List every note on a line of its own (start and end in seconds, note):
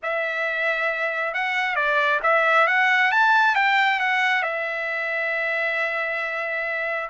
0.02 1.34 E5
1.34 1.75 F#5
1.75 2.20 D5
2.22 2.67 E5
2.67 3.11 F#5
3.11 3.55 A5
3.55 3.99 G5
3.99 4.42 F#5
4.42 7.09 E5